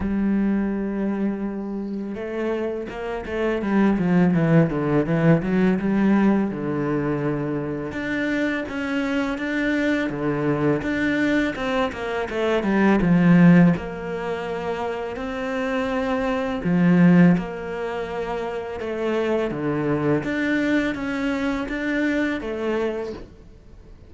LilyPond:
\new Staff \with { instrumentName = "cello" } { \time 4/4 \tempo 4 = 83 g2. a4 | ais8 a8 g8 f8 e8 d8 e8 fis8 | g4 d2 d'4 | cis'4 d'4 d4 d'4 |
c'8 ais8 a8 g8 f4 ais4~ | ais4 c'2 f4 | ais2 a4 d4 | d'4 cis'4 d'4 a4 | }